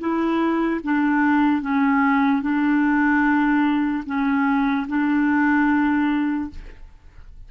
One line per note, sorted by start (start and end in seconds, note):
0.00 0.81 E4
0.84 1.62 D4
1.62 2.42 C#4
2.42 4.04 D4
4.06 4.87 C#4
4.88 6.50 D4